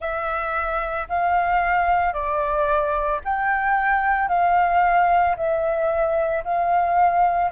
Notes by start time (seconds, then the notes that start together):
0.00 E5
1.09 F5
2.13 D5
3.24 G5
4.28 F5
5.36 E5
6.44 F5